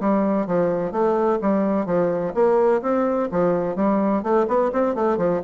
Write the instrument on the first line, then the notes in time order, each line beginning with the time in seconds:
bassoon
0.00 G3
0.46 F3
0.91 A3
1.41 G3
1.86 F3
2.34 A#3
2.82 C4
3.31 F3
3.76 G3
4.22 A3
4.47 B3
4.72 C4
4.95 A3
5.17 F3